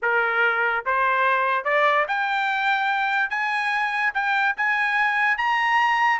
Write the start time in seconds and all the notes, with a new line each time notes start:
0.02 A#4
0.85 C5
1.64 D5
2.08 G5
3.30 G#5
4.14 G5
4.56 G#5
5.37 A#5